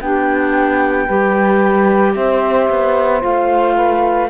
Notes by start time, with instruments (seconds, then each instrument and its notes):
0.00 cello B3, clarinet D4, saxophone G4, flute G5
1.05 cello G3, clarinet G4, saxophone B4
2.15 cello C4, saxophone C5, flute E5
2.70 cello B3
3.21 cello A3, clarinet F4, flute F5
3.75 saxophone B4